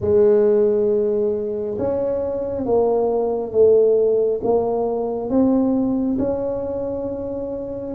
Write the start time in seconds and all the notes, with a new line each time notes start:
0.00 G#3
1.78 C#4
2.65 A#3
3.52 A3
4.43 A#3
5.29 C4
6.18 C#4